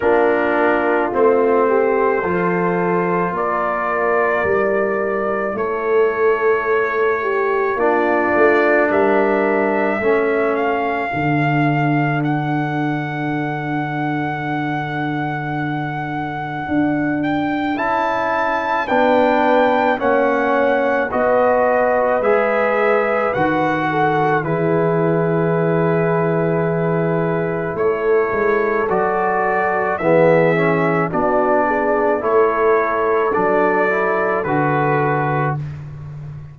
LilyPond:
<<
  \new Staff \with { instrumentName = "trumpet" } { \time 4/4 \tempo 4 = 54 ais'4 c''2 d''4~ | d''4 cis''2 d''4 | e''4. f''4. fis''4~ | fis''2.~ fis''8 g''8 |
a''4 g''4 fis''4 dis''4 | e''4 fis''4 b'2~ | b'4 cis''4 d''4 e''4 | d''4 cis''4 d''4 b'4 | }
  \new Staff \with { instrumentName = "horn" } { \time 4/4 f'4. g'8 a'4 ais'4~ | ais'4 a'4. g'8 f'4 | ais'4 a'2.~ | a'1~ |
a'4 b'4 cis''4 b'4~ | b'4. a'8 gis'2~ | gis'4 a'2 gis'4 | fis'8 gis'8 a'2. | }
  \new Staff \with { instrumentName = "trombone" } { \time 4/4 d'4 c'4 f'2 | e'2. d'4~ | d'4 cis'4 d'2~ | d'1 |
e'4 d'4 cis'4 fis'4 | gis'4 fis'4 e'2~ | e'2 fis'4 b8 cis'8 | d'4 e'4 d'8 e'8 fis'4 | }
  \new Staff \with { instrumentName = "tuba" } { \time 4/4 ais4 a4 f4 ais4 | g4 a2 ais8 a8 | g4 a4 d2~ | d2. d'4 |
cis'4 b4 ais4 b4 | gis4 dis4 e2~ | e4 a8 gis8 fis4 e4 | b4 a4 fis4 d4 | }
>>